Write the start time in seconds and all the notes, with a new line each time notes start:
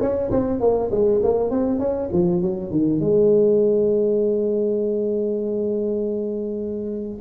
0.00 C#4
0.31 C4
0.60 A#3
0.91 G#3
1.23 A#3
1.50 C4
1.79 C#4
2.12 F3
2.41 F#3
2.70 D#3
3.00 G#3